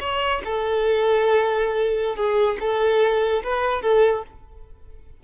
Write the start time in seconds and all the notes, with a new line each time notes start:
0.00 C#5
0.45 A4
2.16 G#4
2.60 A4
3.43 B4
3.82 A4